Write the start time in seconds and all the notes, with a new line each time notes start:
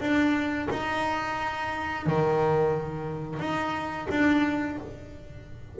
0.00 D4
0.70 D#4
2.06 D#3
3.39 D#4
4.10 D4